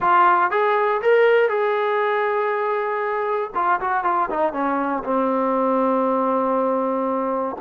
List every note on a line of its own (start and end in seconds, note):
0.00 0.50 F4
0.50 1.01 G#4
1.02 1.49 A#4
1.49 3.50 G#4
3.55 3.80 F4
3.80 4.03 F#4
4.03 4.29 F4
4.30 4.52 D#4
4.52 5.03 C#4
5.04 7.56 C4